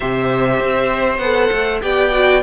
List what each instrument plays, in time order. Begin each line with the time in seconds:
0.00 cello C3, viola G4, violin C5 E5
0.59 cello C4
1.18 cello B3, viola A4, violin F#5
1.52 cello A3
1.82 cello B3, viola G4, violin D5 G5
2.11 viola F#4